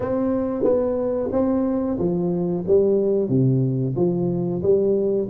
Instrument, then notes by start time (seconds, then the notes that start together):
tuba
0.00 C4
0.63 B3
1.32 C4
1.98 F3
2.67 G3
3.28 C3
3.96 F3
4.62 G3